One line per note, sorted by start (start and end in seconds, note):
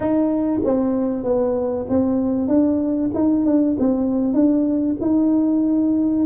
0.00 0.60 D#4
0.64 1.23 C4
1.23 1.86 B3
1.89 2.48 C4
2.48 3.10 D4
3.14 3.45 D#4
3.45 3.76 D4
3.79 4.33 C4
4.33 4.96 D4
5.00 6.25 D#4